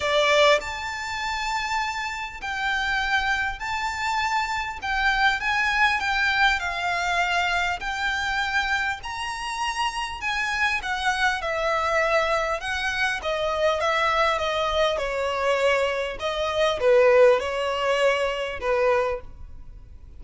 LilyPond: \new Staff \with { instrumentName = "violin" } { \time 4/4 \tempo 4 = 100 d''4 a''2. | g''2 a''2 | g''4 gis''4 g''4 f''4~ | f''4 g''2 ais''4~ |
ais''4 gis''4 fis''4 e''4~ | e''4 fis''4 dis''4 e''4 | dis''4 cis''2 dis''4 | b'4 cis''2 b'4 | }